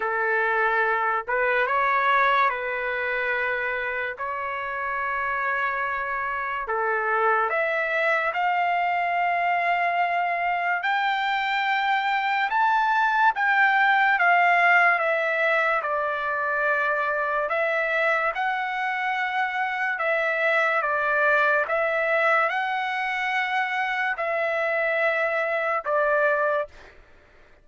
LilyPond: \new Staff \with { instrumentName = "trumpet" } { \time 4/4 \tempo 4 = 72 a'4. b'8 cis''4 b'4~ | b'4 cis''2. | a'4 e''4 f''2~ | f''4 g''2 a''4 |
g''4 f''4 e''4 d''4~ | d''4 e''4 fis''2 | e''4 d''4 e''4 fis''4~ | fis''4 e''2 d''4 | }